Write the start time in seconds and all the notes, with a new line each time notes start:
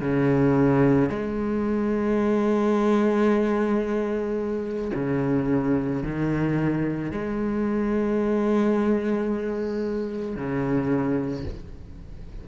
0.00 C#3
1.09 G#3
4.94 C#3
6.02 D#3
7.11 G#3
10.35 C#3